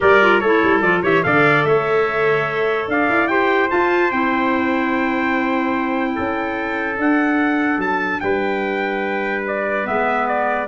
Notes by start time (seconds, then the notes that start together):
0.00 G3 G4 A#4 D5
0.21 F4
0.39 A3 E4 A4 C#5
0.63 G3
0.81 F3 F4 D5
1.03 E3 G4 C#5 E5
1.23 D3 A4 D5 F5
1.64 A3 C#5 E5
2.88 D4 D5 F5
3.08 E4
3.27 G4 C5 G5
3.68 F4 A5
4.11 C4 E4 G5
6.15 C#4 A4
6.96 D4 F#5
7.77 F#3 A5
8.20 G3 B4 G5
9.46 D5
9.84 G#3 B3 E5
10.27 D5